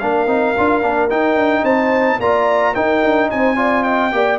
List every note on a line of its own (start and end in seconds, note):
0.00 0.27 A#3
0.00 0.28 D4
0.00 1.63 A#4
0.00 1.10 F5
0.27 0.54 C4
0.27 0.55 D#4
0.58 0.84 D4
0.58 0.82 F4
0.82 1.11 A#3
0.82 1.10 D4
1.10 2.21 D#4
1.10 1.35 D#4
1.10 1.65 G5
1.35 1.63 D4
1.63 2.19 C4
1.63 2.18 C5
1.63 2.20 A5
2.20 2.75 A#3
2.20 2.75 F4
2.20 2.74 D5
2.20 2.75 A#5
2.74 3.56 D#4
2.74 3.03 D#4
2.74 3.29 A#4
2.74 3.30 G5
3.04 3.31 D4
3.31 4.13 C4
3.31 3.57 C5
3.31 3.84 G#5
3.56 4.11 F4
3.56 3.84 D5
3.84 4.12 D#5
3.84 4.39 G5
4.12 4.40 A#3
4.12 4.39 G4
4.12 4.40 D5